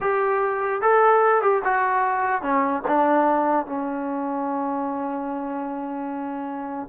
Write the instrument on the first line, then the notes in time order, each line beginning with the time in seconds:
trombone
0.00 G4
0.81 A4
1.42 G4
1.64 F#4
2.42 C#4
2.87 D4
3.66 C#4